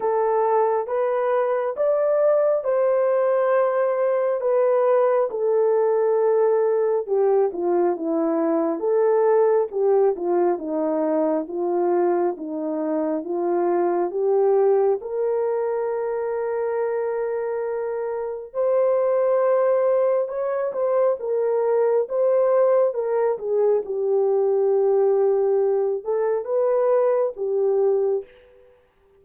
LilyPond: \new Staff \with { instrumentName = "horn" } { \time 4/4 \tempo 4 = 68 a'4 b'4 d''4 c''4~ | c''4 b'4 a'2 | g'8 f'8 e'4 a'4 g'8 f'8 | dis'4 f'4 dis'4 f'4 |
g'4 ais'2.~ | ais'4 c''2 cis''8 c''8 | ais'4 c''4 ais'8 gis'8 g'4~ | g'4. a'8 b'4 g'4 | }